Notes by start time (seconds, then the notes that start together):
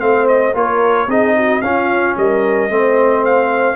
0.00 A3 C4 C5 F5
0.28 D#5
0.55 A#3 F4 A#4 C#5
1.08 C4 D#4 G#4 D#5
1.36 F#4
1.62 C#4 F4 F5
2.18 G3 A#4 D#5
2.70 A3 C4 C5
3.25 F5